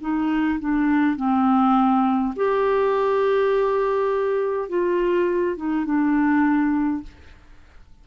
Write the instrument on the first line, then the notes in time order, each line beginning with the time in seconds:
clarinet
0.00 D#4
0.59 D4
1.16 C4
2.36 G4
4.68 F4
5.57 D#4
5.85 D4